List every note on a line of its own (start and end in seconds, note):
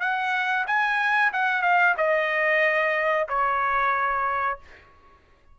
0.00 0.65 F#5
0.67 1.32 G#5
1.33 1.62 F#5
1.62 1.94 F5
1.97 3.27 D#5
3.28 4.59 C#5